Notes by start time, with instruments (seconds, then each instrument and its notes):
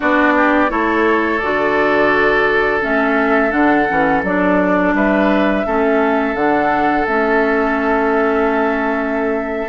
0.00 bassoon B3, clarinet D4, oboe F#4, flute D5
0.36 oboe G4
0.69 bassoon A3, clarinet E4, oboe A4, flute C#5
1.39 bassoon D3, clarinet F#4, flute D5
2.81 bassoon A3, clarinet C#4, flute E5
3.50 bassoon D3, clarinet D4, flute F#5
3.88 bassoon E3, clarinet C#4
4.23 bassoon F#3, clarinet D4, flute D5
4.93 bassoon G3, oboe B4, flute E5
5.66 bassoon A3, clarinet C#4, oboe A4
6.34 bassoon D3, clarinet D4, flute F#5
7.06 bassoon A3, clarinet C#4, flute E5